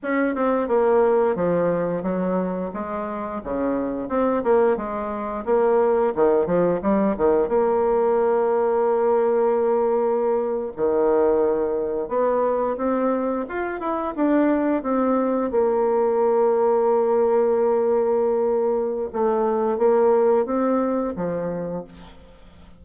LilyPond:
\new Staff \with { instrumentName = "bassoon" } { \time 4/4 \tempo 4 = 88 cis'8 c'8 ais4 f4 fis4 | gis4 cis4 c'8 ais8 gis4 | ais4 dis8 f8 g8 dis8 ais4~ | ais2.~ ais8. dis16~ |
dis4.~ dis16 b4 c'4 f'16~ | f'16 e'8 d'4 c'4 ais4~ ais16~ | ais1 | a4 ais4 c'4 f4 | }